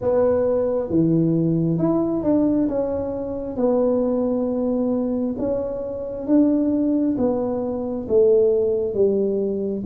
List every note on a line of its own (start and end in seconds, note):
0.01 0.89 B3
0.89 1.78 E3
1.78 2.23 E4
2.23 2.67 D4
2.68 3.56 C#4
3.56 5.35 B3
5.38 6.26 C#4
6.26 7.16 D4
7.17 8.07 B3
8.08 8.93 A3
8.93 9.83 G3